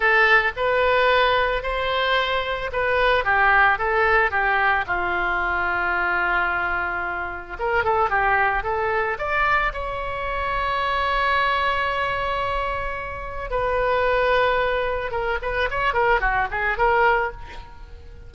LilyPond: \new Staff \with { instrumentName = "oboe" } { \time 4/4 \tempo 4 = 111 a'4 b'2 c''4~ | c''4 b'4 g'4 a'4 | g'4 f'2.~ | f'2 ais'8 a'8 g'4 |
a'4 d''4 cis''2~ | cis''1~ | cis''4 b'2. | ais'8 b'8 cis''8 ais'8 fis'8 gis'8 ais'4 | }